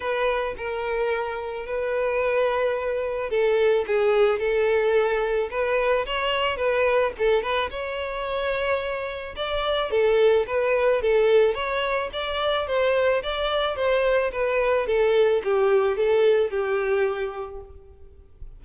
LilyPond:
\new Staff \with { instrumentName = "violin" } { \time 4/4 \tempo 4 = 109 b'4 ais'2 b'4~ | b'2 a'4 gis'4 | a'2 b'4 cis''4 | b'4 a'8 b'8 cis''2~ |
cis''4 d''4 a'4 b'4 | a'4 cis''4 d''4 c''4 | d''4 c''4 b'4 a'4 | g'4 a'4 g'2 | }